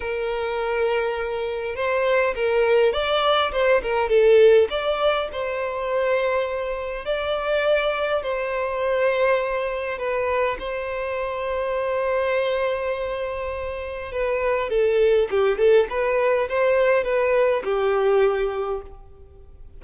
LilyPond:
\new Staff \with { instrumentName = "violin" } { \time 4/4 \tempo 4 = 102 ais'2. c''4 | ais'4 d''4 c''8 ais'8 a'4 | d''4 c''2. | d''2 c''2~ |
c''4 b'4 c''2~ | c''1 | b'4 a'4 g'8 a'8 b'4 | c''4 b'4 g'2 | }